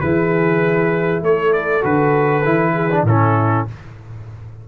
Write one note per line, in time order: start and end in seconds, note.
0.00 1.22 E3
0.00 1.81 E4
0.00 1.23 G#4
0.00 1.21 B4
1.22 1.82 A3
1.22 2.73 A4
1.22 1.53 C#5
1.53 1.83 D5
1.81 2.44 D3
1.81 2.41 F#4
1.81 3.05 B4
2.44 3.03 E3
2.44 2.90 E4
2.73 3.03 G#4
2.91 3.06 D4
3.03 3.63 A2
3.03 3.67 C#4
3.03 3.67 E4
3.03 3.67 A4